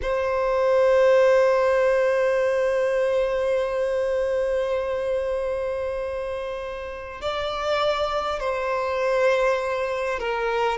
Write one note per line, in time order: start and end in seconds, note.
0.02 7.21 C5
7.21 8.39 D5
8.39 10.19 C5
10.19 10.77 A#4